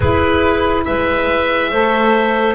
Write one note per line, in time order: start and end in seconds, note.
0.00 0.85 E4
0.00 1.72 E4
0.00 0.84 G#4
0.00 0.84 B4
0.84 1.71 G#3
0.84 1.70 B4
0.84 2.54 E5
1.70 2.54 A3
1.70 2.54 A4
1.70 2.54 C5